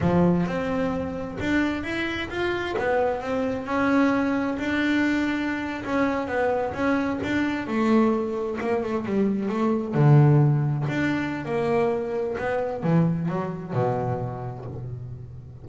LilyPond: \new Staff \with { instrumentName = "double bass" } { \time 4/4 \tempo 4 = 131 f4 c'2 d'4 | e'4 f'4 b4 c'4 | cis'2 d'2~ | d'8. cis'4 b4 cis'4 d'16~ |
d'8. a2 ais8 a8 g16~ | g8. a4 d2 d'16~ | d'4 ais2 b4 | e4 fis4 b,2 | }